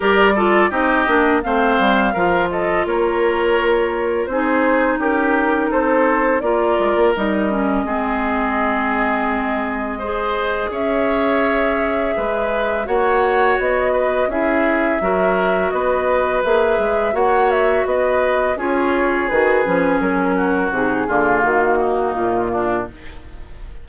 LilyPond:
<<
  \new Staff \with { instrumentName = "flute" } { \time 4/4 \tempo 4 = 84 d''4 dis''4 f''4. dis''8 | cis''2 c''4 ais'4 | c''4 d''4 dis''2~ | dis''2. e''4~ |
e''2 fis''4 dis''4 | e''2 dis''4 e''4 | fis''8 e''8 dis''4 cis''4 b'4 | ais'4 gis'4 fis'4 f'4 | }
  \new Staff \with { instrumentName = "oboe" } { \time 4/4 ais'8 a'8 g'4 c''4 ais'8 a'8 | ais'2 gis'4 g'4 | a'4 ais'2 gis'4~ | gis'2 c''4 cis''4~ |
cis''4 b'4 cis''4. b'8 | gis'4 ais'4 b'2 | cis''4 b'4 gis'2~ | gis'8 fis'4 f'4 dis'4 d'8 | }
  \new Staff \with { instrumentName = "clarinet" } { \time 4/4 g'8 f'8 dis'8 d'8 c'4 f'4~ | f'2 dis'2~ | dis'4 f'4 dis'8 cis'8 c'4~ | c'2 gis'2~ |
gis'2 fis'2 | e'4 fis'2 gis'4 | fis'2 f'4 fis'8 cis'8~ | cis'4 dis'8 ais2~ ais8 | }
  \new Staff \with { instrumentName = "bassoon" } { \time 4/4 g4 c'8 ais8 a8 g8 f4 | ais2 c'4 cis'4 | c'4 ais8 gis16 ais16 g4 gis4~ | gis2. cis'4~ |
cis'4 gis4 ais4 b4 | cis'4 fis4 b4 ais8 gis8 | ais4 b4 cis'4 dis8 f8 | fis4 c8 d8 dis4 ais,4 | }
>>